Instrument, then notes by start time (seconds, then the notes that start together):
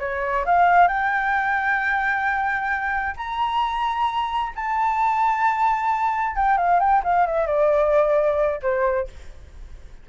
flute
0.00 C#5
0.46 F5
0.88 G5
3.17 A#5
4.56 A5
6.37 G5
6.58 F5
6.80 G5
7.04 F5
7.27 E5
7.47 D5
8.63 C5